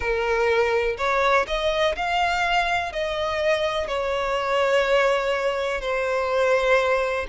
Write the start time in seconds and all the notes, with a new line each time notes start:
0.00 A#4
0.97 C#5
1.47 D#5
1.96 F5
2.92 D#5
3.87 C#5
5.81 C5